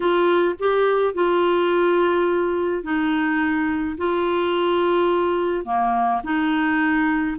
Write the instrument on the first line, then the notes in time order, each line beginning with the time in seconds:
clarinet
0.00 F4
0.59 G4
1.14 F4
2.83 D#4
3.97 F4
5.65 A#3
6.23 D#4